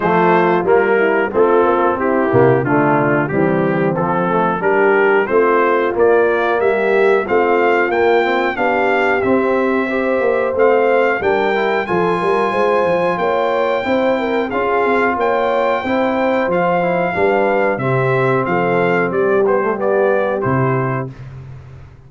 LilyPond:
<<
  \new Staff \with { instrumentName = "trumpet" } { \time 4/4 \tempo 4 = 91 c''4 ais'4 a'4 g'4 | f'4 g'4 a'4 ais'4 | c''4 d''4 e''4 f''4 | g''4 f''4 e''2 |
f''4 g''4 gis''2 | g''2 f''4 g''4~ | g''4 f''2 e''4 | f''4 d''8 c''8 d''4 c''4 | }
  \new Staff \with { instrumentName = "horn" } { \time 4/4 f'4. e'8 f'4 e'4 | d'4 c'2 g'4 | f'2 g'4 f'4~ | f'4 g'2 c''4~ |
c''4 ais'4 a'8 ais'8 c''4 | cis''4 c''8 ais'8 gis'4 cis''4 | c''2 b'4 g'4 | a'4 g'2. | }
  \new Staff \with { instrumentName = "trombone" } { \time 4/4 a4 ais4 c'4. ais8 | a4 g4 f8 a8 d'4 | c'4 ais2 c'4 | ais8 c'8 d'4 c'4 g'4 |
c'4 d'8 e'8 f'2~ | f'4 e'4 f'2 | e'4 f'8 e'8 d'4 c'4~ | c'4. b16 a16 b4 e'4 | }
  \new Staff \with { instrumentName = "tuba" } { \time 4/4 f4 g4 a8 ais8 c'8 c8 | d4 e4 f4 g4 | a4 ais4 g4 a4 | ais4 b4 c'4. ais8 |
a4 g4 f8 g8 gis8 f8 | ais4 c'4 cis'8 c'8 ais4 | c'4 f4 g4 c4 | f4 g2 c4 | }
>>